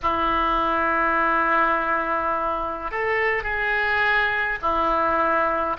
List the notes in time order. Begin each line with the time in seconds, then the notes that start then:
0.02 E4
2.91 A4
3.43 G#4
4.61 E4